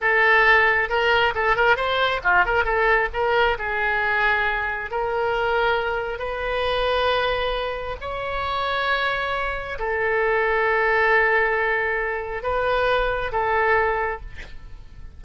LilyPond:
\new Staff \with { instrumentName = "oboe" } { \time 4/4 \tempo 4 = 135 a'2 ais'4 a'8 ais'8 | c''4 f'8 ais'8 a'4 ais'4 | gis'2. ais'4~ | ais'2 b'2~ |
b'2 cis''2~ | cis''2 a'2~ | a'1 | b'2 a'2 | }